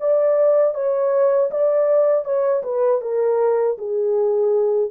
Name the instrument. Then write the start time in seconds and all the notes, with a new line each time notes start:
horn
0.00 D5
0.74 C#5
1.51 D5
2.25 C#5
2.63 B4
3.01 A#4
3.78 G#4